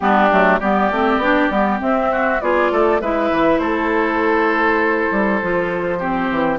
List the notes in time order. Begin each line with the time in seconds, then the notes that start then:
0.00 G3 B3 D4 G4
0.31 F#3 A3
0.59 G3 B3 G4 D5
0.91 A3 C4
1.17 B3 D4
1.50 G3 B3
1.79 C4 E5
2.11 F#4
2.41 B3 F4 G#4 D5
2.71 A3 A4
3.00 G#3 E4 B4 E5
3.31 E3
3.58 A3 A4 C5
5.11 G3
5.42 F3 F4
5.98 C4 G4
6.30 E3